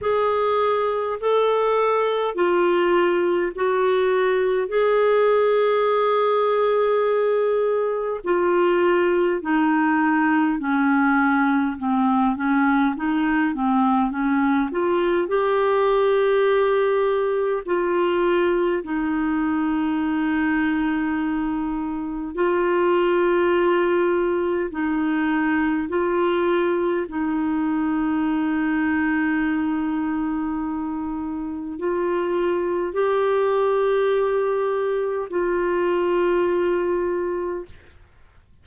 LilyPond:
\new Staff \with { instrumentName = "clarinet" } { \time 4/4 \tempo 4 = 51 gis'4 a'4 f'4 fis'4 | gis'2. f'4 | dis'4 cis'4 c'8 cis'8 dis'8 c'8 | cis'8 f'8 g'2 f'4 |
dis'2. f'4~ | f'4 dis'4 f'4 dis'4~ | dis'2. f'4 | g'2 f'2 | }